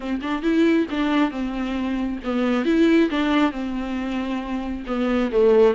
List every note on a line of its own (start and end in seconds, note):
0.00 0.20 C4
0.21 0.42 D4
0.42 0.86 E4
0.90 1.30 D4
1.30 2.18 C4
2.23 2.65 B3
2.65 3.09 E4
3.10 3.51 D4
3.51 4.83 C4
4.86 5.30 B3
5.31 5.74 A3